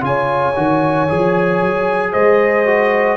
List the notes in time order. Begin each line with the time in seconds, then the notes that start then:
0.00 C#3 F4 C#5 G#5
0.55 D#3 F#4
1.08 F3 G#4
1.61 F#3
2.12 G#3 C5 D#5
2.65 F#4